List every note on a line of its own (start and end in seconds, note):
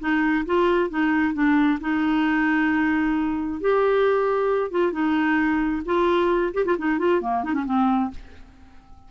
0.00 0.45 D#4
0.46 0.90 F4
0.90 1.34 D#4
1.34 1.79 D4
1.81 3.60 D#4
3.60 4.71 G4
4.71 4.92 F4
4.92 5.83 D#4
5.85 6.53 F4
6.54 6.65 G4
6.65 6.76 F4
6.78 6.99 D#4
6.99 7.21 F4
7.22 7.44 A#3
7.44 7.54 D#4
7.54 7.65 C#4
7.65 8.11 C4